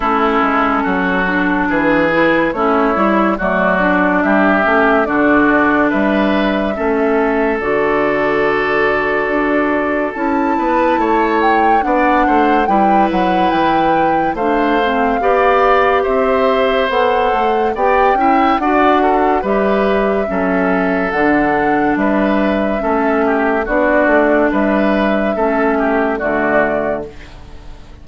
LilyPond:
<<
  \new Staff \with { instrumentName = "flute" } { \time 4/4 \tempo 4 = 71 a'2 b'4 cis''4 | d''4 e''4 d''4 e''4~ | e''4 d''2. | a''4. g''8 fis''4 g''8 fis''8 |
g''4 f''2 e''4 | fis''4 g''4 fis''4 e''4~ | e''4 fis''4 e''2 | d''4 e''2 d''4 | }
  \new Staff \with { instrumentName = "oboe" } { \time 4/4 e'4 fis'4 gis'4 e'4 | fis'4 g'4 fis'4 b'4 | a'1~ | a'8 b'8 cis''4 d''8 c''8 b'4~ |
b'4 c''4 d''4 c''4~ | c''4 d''8 e''8 d''8 a'8 b'4 | a'2 b'4 a'8 g'8 | fis'4 b'4 a'8 g'8 fis'4 | }
  \new Staff \with { instrumentName = "clarinet" } { \time 4/4 cis'4. d'4 e'8 cis'8 e'8 | a8 d'4 cis'8 d'2 | cis'4 fis'2. | e'2 d'4 e'4~ |
e'4 d'8 c'8 g'2 | a'4 g'8 e'8 fis'4 g'4 | cis'4 d'2 cis'4 | d'2 cis'4 a4 | }
  \new Staff \with { instrumentName = "bassoon" } { \time 4/4 a8 gis8 fis4 e4 a8 g8 | fis4 g8 a8 d4 g4 | a4 d2 d'4 | cis'8 b8 a4 b8 a8 g8 fis8 |
e4 a4 b4 c'4 | b8 a8 b8 cis'8 d'4 g4 | fis4 d4 g4 a4 | b8 a8 g4 a4 d4 | }
>>